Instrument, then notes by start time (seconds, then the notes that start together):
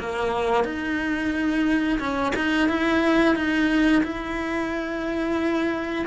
cello
0.00 A#3
0.65 D#4
2.00 C#4
2.36 D#4
2.69 E4
3.36 D#4
4.04 E4